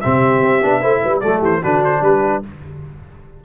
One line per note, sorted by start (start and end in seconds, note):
0.00 0.41 C3
0.00 0.62 C4
0.00 0.81 G4
0.00 1.20 E5
0.41 0.61 C4
0.62 0.82 B3
0.62 0.81 D4
0.81 1.03 A3
0.81 1.21 E4
0.81 1.01 C5
1.02 1.24 G3
1.02 1.22 B4
1.20 1.41 F#3
1.20 1.62 A3
1.20 1.39 A4
1.20 1.40 D5
1.39 1.61 E3
1.39 1.59 G4
1.39 1.63 C5
1.62 2.01 D3
1.62 2.43 D4
1.62 2.02 F#4
1.62 1.83 B4
1.84 2.03 C5
2.01 2.41 G3
2.01 2.44 G4
2.01 2.43 B4